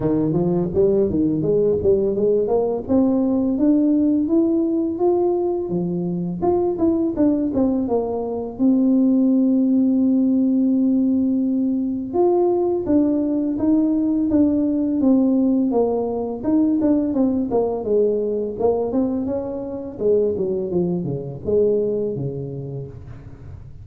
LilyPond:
\new Staff \with { instrumentName = "tuba" } { \time 4/4 \tempo 4 = 84 dis8 f8 g8 dis8 gis8 g8 gis8 ais8 | c'4 d'4 e'4 f'4 | f4 f'8 e'8 d'8 c'8 ais4 | c'1~ |
c'4 f'4 d'4 dis'4 | d'4 c'4 ais4 dis'8 d'8 | c'8 ais8 gis4 ais8 c'8 cis'4 | gis8 fis8 f8 cis8 gis4 cis4 | }